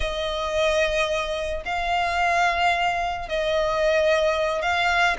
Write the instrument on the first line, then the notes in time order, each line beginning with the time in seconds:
violin
0.00 D#5
1.65 F5
3.28 D#5
4.62 F5